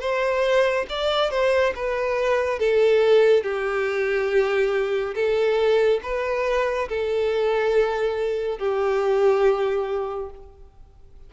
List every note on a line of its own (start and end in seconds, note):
0.00 0.86 C5
0.89 1.31 D5
1.31 1.73 C5
1.75 2.59 B4
2.59 3.43 A4
3.43 5.15 G4
5.15 6.01 A4
6.03 6.88 B4
6.89 8.58 A4
8.58 10.30 G4